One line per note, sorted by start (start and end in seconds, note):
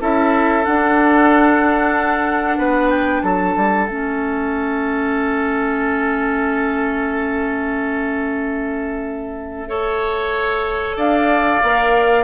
0.00 0.65 C#4
0.00 0.64 E4
0.00 2.58 A4
0.00 0.64 E5
0.64 3.87 D4
0.64 2.58 D4
0.64 2.90 F#5
2.58 3.22 B3
2.58 3.22 B4
2.90 3.22 G5
3.22 3.55 F#3
3.22 9.69 A4
3.22 3.87 A5
3.56 3.87 G3
3.87 10.96 A3
3.87 9.68 C#4
3.87 10.97 E5
9.68 11.61 A4
9.68 10.96 C#5
10.96 11.61 D4
10.96 12.24 D5
10.96 12.24 F5
11.63 12.24 A#3
11.63 12.24 A#4